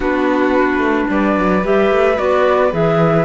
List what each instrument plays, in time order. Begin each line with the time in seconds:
0.00 cello B3, clarinet D4, violin F#4, flute B4
0.77 cello A3
1.09 cello G3, violin B4, flute D5
1.36 cello F#3
1.63 cello G3, clarinet G4, flute E5
1.91 cello A3
2.15 cello B3, clarinet F#4, flute D5
2.71 cello E3, clarinet G#4, flute E5